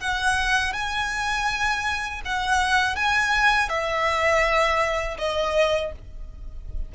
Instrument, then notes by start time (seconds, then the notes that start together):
violin
0.00 F#5
0.73 G#5
2.25 F#5
2.96 G#5
3.69 E5
5.18 D#5